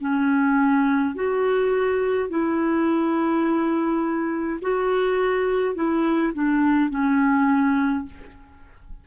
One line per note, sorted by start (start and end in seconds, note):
0.00 1.15 C#4
1.15 2.29 F#4
2.29 4.60 E4
4.62 5.75 F#4
5.75 6.33 E4
6.34 6.90 D4
6.90 8.05 C#4